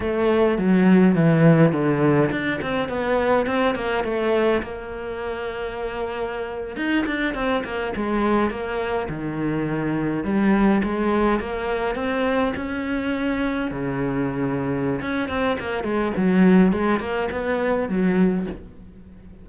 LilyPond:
\new Staff \with { instrumentName = "cello" } { \time 4/4 \tempo 4 = 104 a4 fis4 e4 d4 | d'8 c'8 b4 c'8 ais8 a4 | ais2.~ ais8. dis'16~ | dis'16 d'8 c'8 ais8 gis4 ais4 dis16~ |
dis4.~ dis16 g4 gis4 ais16~ | ais8. c'4 cis'2 cis16~ | cis2 cis'8 c'8 ais8 gis8 | fis4 gis8 ais8 b4 fis4 | }